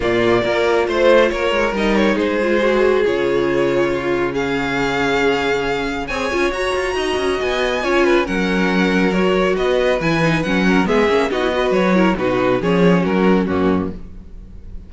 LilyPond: <<
  \new Staff \with { instrumentName = "violin" } { \time 4/4 \tempo 4 = 138 d''2 c''4 cis''4 | dis''8 cis''8 c''2 cis''4~ | cis''2 f''2~ | f''2 gis''4 ais''4~ |
ais''4 gis''2 fis''4~ | fis''4 cis''4 dis''4 gis''4 | fis''4 e''4 dis''4 cis''4 | b'4 cis''4 ais'4 fis'4 | }
  \new Staff \with { instrumentName = "violin" } { \time 4/4 f'4 ais'4 c''4 ais'4~ | ais'4 gis'2.~ | gis'4 f'4 gis'2~ | gis'2 cis''2 |
dis''2 cis''8 b'8 ais'4~ | ais'2 b'2~ | b'8 ais'8 gis'4 fis'8 b'4 ais'8 | fis'4 gis'4 fis'4 cis'4 | }
  \new Staff \with { instrumentName = "viola" } { \time 4/4 ais4 f'2. | dis'4. f'8 fis'4 f'4~ | f'2 cis'2~ | cis'2 gis'8 f'8 fis'4~ |
fis'2 f'4 cis'4~ | cis'4 fis'2 e'8 dis'8 | cis'4 b8 cis'8 dis'16 e'16 fis'4 e'8 | dis'4 cis'2 ais4 | }
  \new Staff \with { instrumentName = "cello" } { \time 4/4 ais,4 ais4 a4 ais8 gis8 | g4 gis2 cis4~ | cis1~ | cis2 c'8 cis'8 fis'8 f'8 |
dis'8 cis'8 b4 cis'4 fis4~ | fis2 b4 e4 | fis4 gis8 ais8 b4 fis4 | b,4 f4 fis4 fis,4 | }
>>